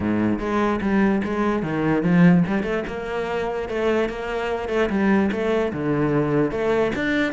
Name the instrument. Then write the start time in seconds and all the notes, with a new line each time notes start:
cello
0.00 G#2
0.39 G#3
0.81 G3
1.24 G#3
1.62 D#3
2.02 F3
2.47 G3
2.63 A3
2.87 A#3
3.68 A3
4.09 A#3
4.68 A3
4.89 G3
5.31 A3
5.73 D3
6.51 A3
6.95 D4